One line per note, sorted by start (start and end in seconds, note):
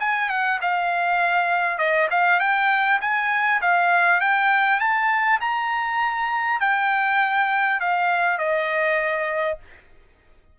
0.00 0.30 G#5
0.30 0.60 F#5
0.62 1.79 F5
1.79 2.09 D#5
2.11 2.40 F5
2.40 3.00 G5
3.01 3.61 G#5
3.62 4.21 F5
4.21 4.80 G5
4.80 5.40 A5
5.41 6.60 A#5
6.60 7.80 G5
7.81 8.39 F5
8.39 9.59 D#5